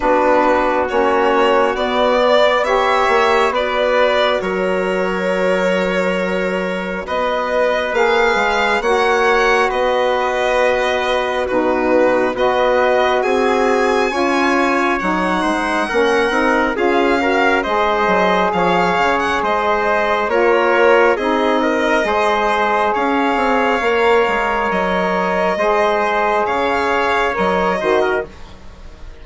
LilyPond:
<<
  \new Staff \with { instrumentName = "violin" } { \time 4/4 \tempo 4 = 68 b'4 cis''4 d''4 e''4 | d''4 cis''2. | dis''4 f''4 fis''4 dis''4~ | dis''4 b'4 dis''4 gis''4~ |
gis''4 fis''2 f''4 | dis''4 f''8. fis''16 dis''4 cis''4 | dis''2 f''2 | dis''2 f''4 dis''4 | }
  \new Staff \with { instrumentName = "trumpet" } { \time 4/4 fis'2~ fis'8 d''8 cis''4 | b'4 ais'2. | b'2 cis''4 b'4~ | b'4 fis'4 b'4 gis'4 |
cis''4. c''8 ais'4 gis'8 ais'8 | c''4 cis''4 c''4 ais'4 | gis'8 ais'8 c''4 cis''2~ | cis''4 c''4 cis''4. c''16 ais'16 | }
  \new Staff \with { instrumentName = "saxophone" } { \time 4/4 d'4 cis'4 b4 g'4 | fis'1~ | fis'4 gis'4 fis'2~ | fis'4 dis'4 fis'2 |
f'4 dis'4 cis'8 dis'8 f'8 fis'8 | gis'2. f'4 | dis'4 gis'2 ais'4~ | ais'4 gis'2 ais'8 fis'8 | }
  \new Staff \with { instrumentName = "bassoon" } { \time 4/4 b4 ais4 b4. ais8 | b4 fis2. | b4 ais8 gis8 ais4 b4~ | b4 b,4 b4 c'4 |
cis'4 fis8 gis8 ais8 c'8 cis'4 | gis8 fis8 f8 cis8 gis4 ais4 | c'4 gis4 cis'8 c'8 ais8 gis8 | fis4 gis4 cis4 fis8 dis8 | }
>>